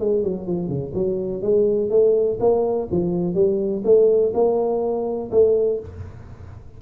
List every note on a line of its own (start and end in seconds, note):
0.00 0.24 G#3
0.24 0.47 F#3
0.47 0.69 F3
0.69 0.93 C#3
0.94 1.43 F#3
1.43 1.91 G#3
1.91 2.39 A3
2.40 2.89 A#3
2.92 3.35 F3
3.35 3.83 G3
3.85 4.33 A3
4.34 5.31 A#3
5.32 5.80 A3